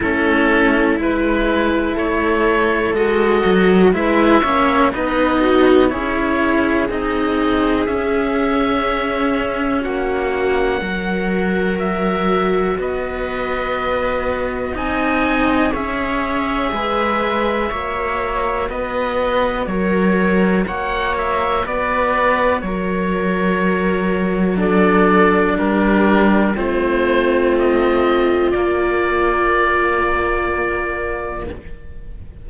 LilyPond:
<<
  \new Staff \with { instrumentName = "oboe" } { \time 4/4 \tempo 4 = 61 a'4 b'4 cis''4 dis''4 | e''4 dis''4 cis''4 dis''4 | e''2 fis''2 | e''4 dis''2 gis''4 |
e''2. dis''4 | cis''4 fis''8 e''8 d''4 cis''4~ | cis''4 d''4 ais'4 c''4 | dis''4 d''2. | }
  \new Staff \with { instrumentName = "viola" } { \time 4/4 e'2 a'2 | b'8 cis''8 b'8 fis'8 gis'2~ | gis'2 fis'4 ais'4~ | ais'4 b'2 dis''4 |
cis''4 b'4 cis''4 b'4 | ais'4 cis''4 b'4 ais'4~ | ais'4 a'4 g'4 f'4~ | f'1 | }
  \new Staff \with { instrumentName = "cello" } { \time 4/4 cis'4 e'2 fis'4 | e'8 cis'8 dis'4 e'4 dis'4 | cis'2. fis'4~ | fis'2. dis'4 |
gis'2 fis'2~ | fis'1~ | fis'4 d'2 c'4~ | c'4 ais2. | }
  \new Staff \with { instrumentName = "cello" } { \time 4/4 a4 gis4 a4 gis8 fis8 | gis8 ais8 b4 cis'4 c'4 | cis'2 ais4 fis4~ | fis4 b2 c'4 |
cis'4 gis4 ais4 b4 | fis4 ais4 b4 fis4~ | fis2 g4 a4~ | a4 ais2. | }
>>